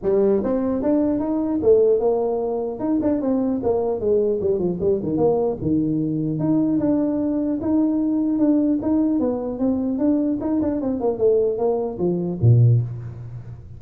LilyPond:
\new Staff \with { instrumentName = "tuba" } { \time 4/4 \tempo 4 = 150 g4 c'4 d'4 dis'4 | a4 ais2 dis'8 d'8 | c'4 ais4 gis4 g8 f8 | g8 dis8 ais4 dis2 |
dis'4 d'2 dis'4~ | dis'4 d'4 dis'4 b4 | c'4 d'4 dis'8 d'8 c'8 ais8 | a4 ais4 f4 ais,4 | }